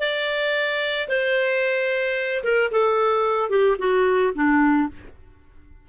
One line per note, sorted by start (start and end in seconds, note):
0.00 1.08 D5
1.09 2.44 C5
2.44 2.71 A#4
2.71 3.50 A4
3.50 3.77 G4
3.79 4.33 F#4
4.35 4.89 D4